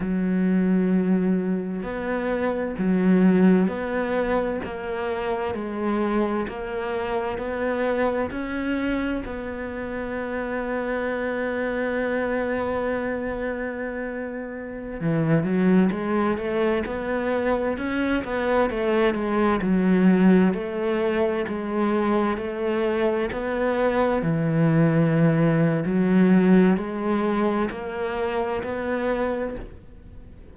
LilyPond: \new Staff \with { instrumentName = "cello" } { \time 4/4 \tempo 4 = 65 fis2 b4 fis4 | b4 ais4 gis4 ais4 | b4 cis'4 b2~ | b1~ |
b16 e8 fis8 gis8 a8 b4 cis'8 b16~ | b16 a8 gis8 fis4 a4 gis8.~ | gis16 a4 b4 e4.~ e16 | fis4 gis4 ais4 b4 | }